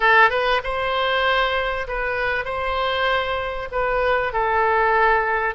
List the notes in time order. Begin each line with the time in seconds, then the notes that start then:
0.00 A4
0.30 B4
0.63 C5
1.87 B4
2.45 C5
3.71 B4
4.32 A4